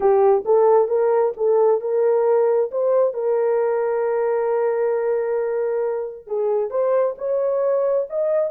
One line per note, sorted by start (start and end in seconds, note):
0.00 0.44 G4
0.45 0.88 A4
0.88 1.32 A#4
1.36 1.81 A4
1.81 2.70 A#4
2.71 3.13 C5
3.13 6.26 A#4
6.26 6.70 G#4
6.70 7.15 C5
7.17 8.07 C#5
8.09 8.50 D#5